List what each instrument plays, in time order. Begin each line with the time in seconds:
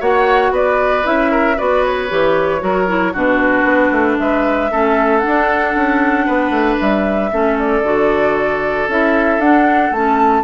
0.00 bassoon A#3, clarinet F#4, oboe C#5, flute F#5
0.52 bassoon B3, oboe B4, flute D5
1.03 bassoon C#4, clarinet E4, flute E5
1.31 oboe A#4
1.56 bassoon B3, clarinet F#4, oboe B4, flute D5
1.86 flute C#5
2.09 bassoon E3, clarinet G4
2.60 bassoon F#3, clarinet F#4, oboe A#4
2.88 clarinet E4
3.13 bassoon B2, clarinet D4, oboe F#4, flute B4
3.64 bassoon B3
3.91 bassoon A3
4.19 bassoon G#3, oboe B4, flute E5
4.71 bassoon A3, clarinet C#4, oboe A4
5.18 clarinet D4, flute F#5
5.27 bassoon D4
5.75 bassoon C#4
6.26 bassoon B3, oboe B4
6.50 bassoon A3
6.80 bassoon G3, flute E5
7.31 bassoon A3, clarinet C#4, oboe A4
7.59 flute D5
7.82 bassoon D3, clarinet F#4
8.88 bassoon C#4, clarinet E4, flute E5
9.38 bassoon D4, clarinet D4, flute F#5
9.91 bassoon A3, clarinet C#4, flute A5